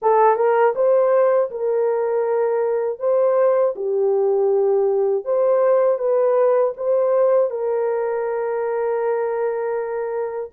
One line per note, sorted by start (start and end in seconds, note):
0.02 0.36 A4
0.36 0.73 A#4
0.75 1.50 C5
1.50 2.99 A#4
2.99 3.74 C5
3.75 5.24 G4
5.24 5.98 C5
5.98 6.73 B4
6.76 7.50 C5
7.50 10.50 A#4